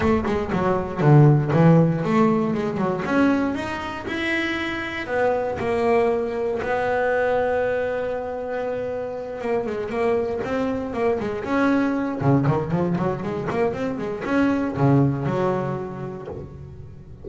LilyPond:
\new Staff \with { instrumentName = "double bass" } { \time 4/4 \tempo 4 = 118 a8 gis8 fis4 d4 e4 | a4 gis8 fis8 cis'4 dis'4 | e'2 b4 ais4~ | ais4 b2.~ |
b2~ b8 ais8 gis8 ais8~ | ais8 c'4 ais8 gis8 cis'4. | cis8 dis8 f8 fis8 gis8 ais8 c'8 gis8 | cis'4 cis4 fis2 | }